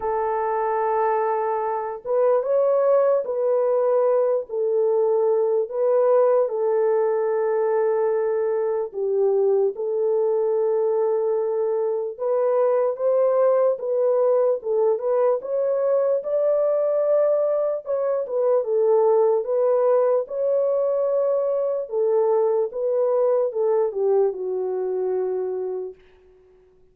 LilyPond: \new Staff \with { instrumentName = "horn" } { \time 4/4 \tempo 4 = 74 a'2~ a'8 b'8 cis''4 | b'4. a'4. b'4 | a'2. g'4 | a'2. b'4 |
c''4 b'4 a'8 b'8 cis''4 | d''2 cis''8 b'8 a'4 | b'4 cis''2 a'4 | b'4 a'8 g'8 fis'2 | }